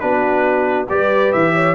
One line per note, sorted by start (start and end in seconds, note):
0.00 0.90 B3
0.00 0.88 D4
0.00 0.88 F#4
0.00 0.87 B4
0.90 1.34 G3
0.90 1.76 G4
0.90 1.54 B4
0.90 1.33 D5
1.33 1.76 E3
1.33 1.76 E5
1.54 1.75 C#5